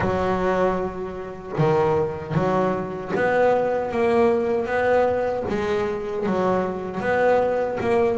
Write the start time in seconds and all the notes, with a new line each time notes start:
0.00 F#3
1.58 D#3
2.34 F#3
3.15 B3
3.91 A#3
4.65 B3
5.48 G#3
6.26 F#3
7.00 B3
7.80 A#3